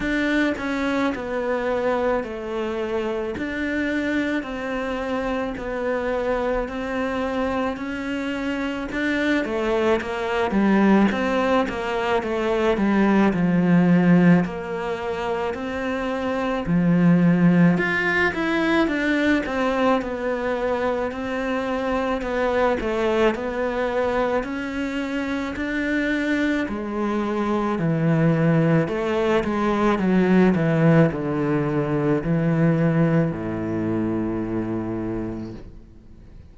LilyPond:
\new Staff \with { instrumentName = "cello" } { \time 4/4 \tempo 4 = 54 d'8 cis'8 b4 a4 d'4 | c'4 b4 c'4 cis'4 | d'8 a8 ais8 g8 c'8 ais8 a8 g8 | f4 ais4 c'4 f4 |
f'8 e'8 d'8 c'8 b4 c'4 | b8 a8 b4 cis'4 d'4 | gis4 e4 a8 gis8 fis8 e8 | d4 e4 a,2 | }